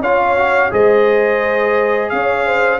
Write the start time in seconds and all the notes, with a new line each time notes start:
0.00 C#4 F4 C#5 F5
0.37 F#4
0.70 G#3 G#4 C5 D#5
2.09 C#4 C#5 F5
2.46 C5